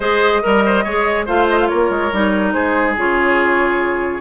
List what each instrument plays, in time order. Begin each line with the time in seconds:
0.00 bassoon G#3, clarinet G#4, oboe C5, flute D#5
0.42 bassoon G3, oboe A#4, clarinet A#4
0.65 oboe C5
0.84 bassoon G#3, clarinet G#4, oboe C#5
1.25 bassoon A3, clarinet F4, oboe C5, flute F5
1.49 flute D#5
1.60 flute F5
1.67 bassoon A#3, oboe A#4, flute C#5
1.90 bassoon G#3
2.12 bassoon G3, clarinet D#4
2.52 bassoon G#3, oboe G#4, flute C5
2.96 bassoon C#3, clarinet F4, flute C#5